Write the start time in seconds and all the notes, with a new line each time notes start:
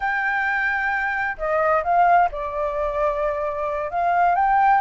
0.00 G5
1.37 D#5
1.83 F5
2.31 D5
3.91 F5
4.35 G5